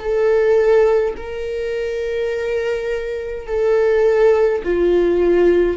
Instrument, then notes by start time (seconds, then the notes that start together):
viola
0.00 A4
1.17 A#4
3.48 A4
4.64 F4